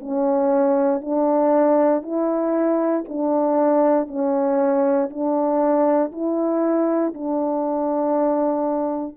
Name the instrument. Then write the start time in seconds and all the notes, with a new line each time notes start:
horn
0.00 C#4
1.01 D4
2.02 E4
3.08 D4
4.08 C#4
5.10 D4
6.12 E4
7.14 D4